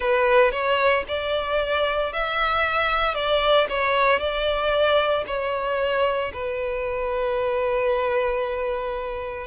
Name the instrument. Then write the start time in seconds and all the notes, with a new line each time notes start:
violin
0.00 B4
0.51 C#5
1.08 D5
2.12 E5
3.14 D5
3.69 C#5
4.19 D5
5.26 C#5
6.33 B4